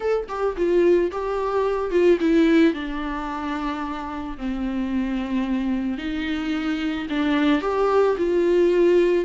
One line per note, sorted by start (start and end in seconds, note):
0.00 0.27 A4
0.28 0.56 G4
0.56 1.11 F4
1.11 1.90 G4
1.90 2.18 F4
2.20 2.73 E4
2.73 4.37 D4
4.37 5.98 C4
5.98 7.07 D#4
7.09 7.61 D4
7.61 8.16 G4
8.17 9.25 F4